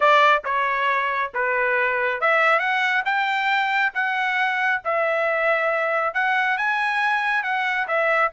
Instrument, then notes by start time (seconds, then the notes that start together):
trumpet
0.00 D5
0.44 C#5
1.34 B4
2.21 E5
2.59 F#5
3.05 G5
3.94 F#5
4.84 E5
6.14 F#5
6.57 G#5
7.43 F#5
7.87 E5